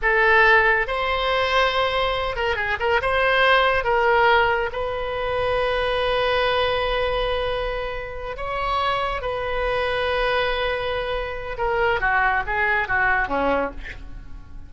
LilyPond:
\new Staff \with { instrumentName = "oboe" } { \time 4/4 \tempo 4 = 140 a'2 c''2~ | c''4. ais'8 gis'8 ais'8 c''4~ | c''4 ais'2 b'4~ | b'1~ |
b'2.~ b'8 cis''8~ | cis''4. b'2~ b'8~ | b'2. ais'4 | fis'4 gis'4 fis'4 cis'4 | }